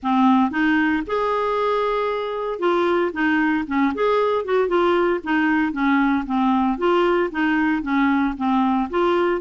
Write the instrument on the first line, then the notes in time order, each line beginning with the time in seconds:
clarinet
0.02 C4
0.50 D#4
1.06 G#4
2.59 F4
3.12 D#4
3.67 C#4
3.94 G#4
4.44 F#4
4.68 F4
5.23 D#4
5.72 C#4
6.26 C4
6.78 F4
7.31 D#4
7.82 C#4
8.37 C4
8.90 F4